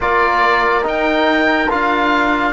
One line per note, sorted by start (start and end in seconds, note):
0.00 0.85 A#3
0.00 0.83 F4
0.00 2.52 A#4
0.00 0.85 D5
0.83 1.67 D#4
0.83 1.69 D#4
0.83 1.71 G5
1.69 2.52 D4
1.69 2.52 F4
1.69 2.52 F5